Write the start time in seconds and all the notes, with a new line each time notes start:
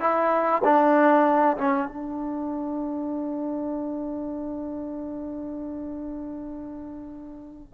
0.00 E4
0.64 D4
1.57 C#4
1.88 D4